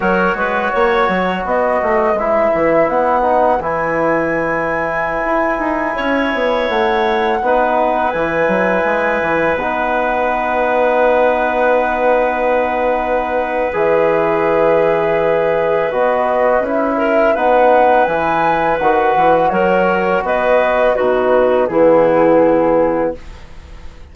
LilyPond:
<<
  \new Staff \with { instrumentName = "flute" } { \time 4/4 \tempo 4 = 83 cis''2 dis''4 e''4 | fis''4 gis''2.~ | gis''4~ gis''16 fis''2 gis''8.~ | gis''4~ gis''16 fis''2~ fis''8.~ |
fis''2. e''4~ | e''2 dis''4 e''4 | fis''4 gis''4 fis''4 cis''4 | dis''4 b'4 gis'2 | }
  \new Staff \with { instrumentName = "clarinet" } { \time 4/4 ais'8 b'8 cis''4 b'2~ | b'1~ | b'16 cis''2 b'4.~ b'16~ | b'1~ |
b'1~ | b'2.~ b'8 ais'8 | b'2. ais'4 | b'4 fis'4 e'2 | }
  \new Staff \with { instrumentName = "trombone" } { \time 4/4 fis'2. e'4~ | e'8 dis'8 e'2.~ | e'2~ e'16 dis'4 e'8.~ | e'4~ e'16 dis'2~ dis'8.~ |
dis'2. gis'4~ | gis'2 fis'4 e'4 | dis'4 e'4 fis'2~ | fis'4 dis'4 b2 | }
  \new Staff \with { instrumentName = "bassoon" } { \time 4/4 fis8 gis8 ais8 fis8 b8 a8 gis8 e8 | b4 e2~ e16 e'8 dis'16~ | dis'16 cis'8 b8 a4 b4 e8 fis16~ | fis16 gis8 e8 b2~ b8.~ |
b2. e4~ | e2 b4 cis'4 | b4 e4 dis8 e8 fis4 | b4 b,4 e2 | }
>>